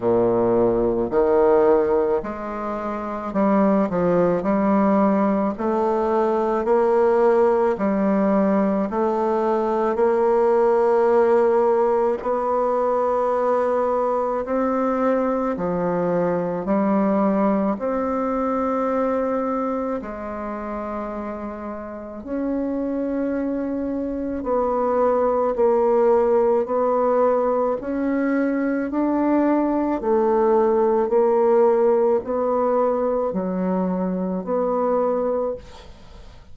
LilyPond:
\new Staff \with { instrumentName = "bassoon" } { \time 4/4 \tempo 4 = 54 ais,4 dis4 gis4 g8 f8 | g4 a4 ais4 g4 | a4 ais2 b4~ | b4 c'4 f4 g4 |
c'2 gis2 | cis'2 b4 ais4 | b4 cis'4 d'4 a4 | ais4 b4 fis4 b4 | }